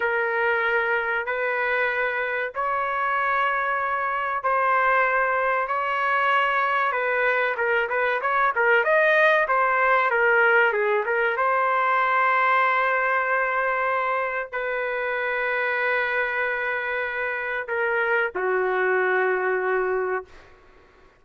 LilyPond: \new Staff \with { instrumentName = "trumpet" } { \time 4/4 \tempo 4 = 95 ais'2 b'2 | cis''2. c''4~ | c''4 cis''2 b'4 | ais'8 b'8 cis''8 ais'8 dis''4 c''4 |
ais'4 gis'8 ais'8 c''2~ | c''2. b'4~ | b'1 | ais'4 fis'2. | }